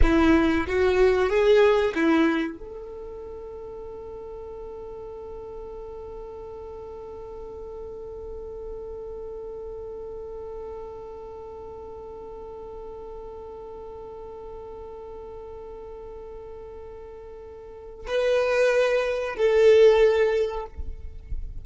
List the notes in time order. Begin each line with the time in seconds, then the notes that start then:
0.02 E4
0.67 F#4
1.29 G#4
1.94 E4
2.57 A4
18.06 B4
19.36 A4